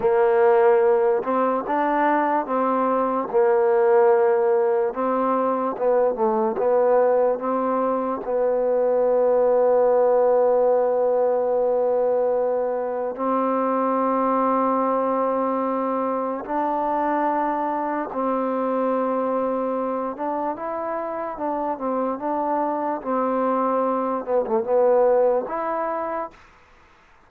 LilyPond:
\new Staff \with { instrumentName = "trombone" } { \time 4/4 \tempo 4 = 73 ais4. c'8 d'4 c'4 | ais2 c'4 b8 a8 | b4 c'4 b2~ | b1 |
c'1 | d'2 c'2~ | c'8 d'8 e'4 d'8 c'8 d'4 | c'4. b16 a16 b4 e'4 | }